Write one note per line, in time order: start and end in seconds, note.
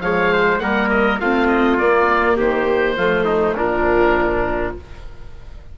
0.00 0.59 F3
0.00 0.60 G#3
0.00 0.32 C#5
0.00 0.59 F5
0.32 0.62 C5
0.59 1.20 G3
0.59 1.19 A#3
0.59 1.21 A#4
0.59 0.88 F#5
0.90 1.19 D#5
1.20 1.79 A3
1.20 1.81 C4
1.20 2.36 F4
1.20 1.47 F5
1.47 1.77 D#5
1.78 2.38 A#3
1.78 2.99 A#3
1.78 2.37 D5
2.36 2.97 D#3
2.36 2.96 G4
2.36 3.57 C5
2.97 3.57 F3
2.97 3.58 A3
2.97 3.25 F4
3.25 3.55 D#4
3.56 4.76 A#2
3.56 4.78 F3
3.56 4.75 D4
3.56 4.76 A#4